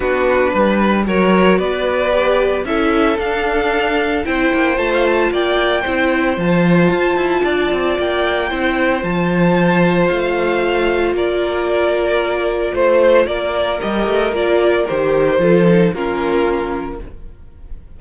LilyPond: <<
  \new Staff \with { instrumentName = "violin" } { \time 4/4 \tempo 4 = 113 b'2 cis''4 d''4~ | d''4 e''4 f''2 | g''4 a''16 f''16 a''8 g''2 | a''2. g''4~ |
g''4 a''2 f''4~ | f''4 d''2. | c''4 d''4 dis''4 d''4 | c''2 ais'2 | }
  \new Staff \with { instrumentName = "violin" } { \time 4/4 fis'4 b'4 ais'4 b'4~ | b'4 a'2. | c''2 d''4 c''4~ | c''2 d''2 |
c''1~ | c''4 ais'2. | c''4 ais'2.~ | ais'4 a'4 f'2 | }
  \new Staff \with { instrumentName = "viola" } { \time 4/4 d'2 fis'2 | g'4 e'4 d'2 | e'4 f'2 e'4 | f'1 |
e'4 f'2.~ | f'1~ | f'2 g'4 f'4 | g'4 f'8 dis'8 cis'2 | }
  \new Staff \with { instrumentName = "cello" } { \time 4/4 b4 g4 fis4 b4~ | b4 cis'4 d'2 | c'8 ais8 a4 ais4 c'4 | f4 f'8 e'8 d'8 c'8 ais4 |
c'4 f2 a4~ | a4 ais2. | a4 ais4 g8 a8 ais4 | dis4 f4 ais2 | }
>>